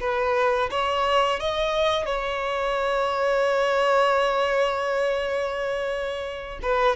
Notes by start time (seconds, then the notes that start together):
0.00 B4
0.71 C#5
1.40 D#5
2.06 C#5
6.62 B4